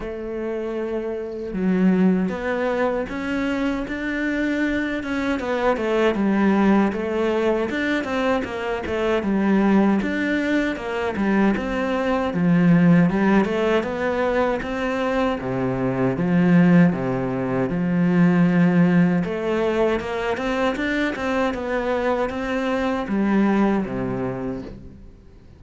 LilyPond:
\new Staff \with { instrumentName = "cello" } { \time 4/4 \tempo 4 = 78 a2 fis4 b4 | cis'4 d'4. cis'8 b8 a8 | g4 a4 d'8 c'8 ais8 a8 | g4 d'4 ais8 g8 c'4 |
f4 g8 a8 b4 c'4 | c4 f4 c4 f4~ | f4 a4 ais8 c'8 d'8 c'8 | b4 c'4 g4 c4 | }